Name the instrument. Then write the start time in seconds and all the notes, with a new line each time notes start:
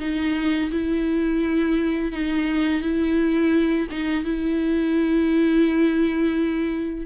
viola
0.00 D#4
0.72 E4
2.12 D#4
2.82 E4
3.90 D#4
4.24 E4